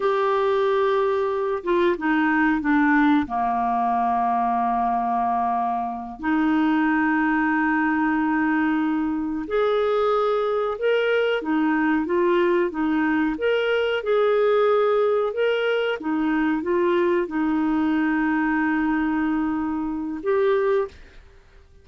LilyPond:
\new Staff \with { instrumentName = "clarinet" } { \time 4/4 \tempo 4 = 92 g'2~ g'8 f'8 dis'4 | d'4 ais2.~ | ais4. dis'2~ dis'8~ | dis'2~ dis'8 gis'4.~ |
gis'8 ais'4 dis'4 f'4 dis'8~ | dis'8 ais'4 gis'2 ais'8~ | ais'8 dis'4 f'4 dis'4.~ | dis'2. g'4 | }